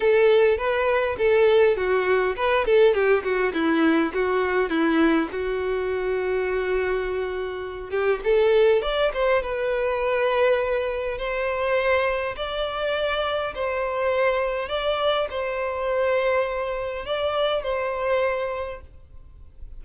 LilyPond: \new Staff \with { instrumentName = "violin" } { \time 4/4 \tempo 4 = 102 a'4 b'4 a'4 fis'4 | b'8 a'8 g'8 fis'8 e'4 fis'4 | e'4 fis'2.~ | fis'4. g'8 a'4 d''8 c''8 |
b'2. c''4~ | c''4 d''2 c''4~ | c''4 d''4 c''2~ | c''4 d''4 c''2 | }